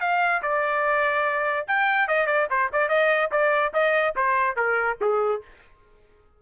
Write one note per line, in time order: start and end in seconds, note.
0.00 0.41 F5
0.42 1.66 D5
1.67 2.08 G5
2.08 2.26 D#5
2.26 2.47 D5
2.50 2.70 C5
2.72 2.89 D5
2.89 3.30 D#5
3.31 3.72 D5
3.73 4.14 D#5
4.16 4.56 C5
4.56 4.97 A#4
5.01 5.42 G#4